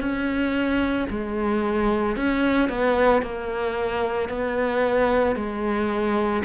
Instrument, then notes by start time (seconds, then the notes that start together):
cello
0.00 C#4
1.10 G#3
2.16 C#4
2.69 B3
3.22 A#3
4.29 B3
5.36 G#3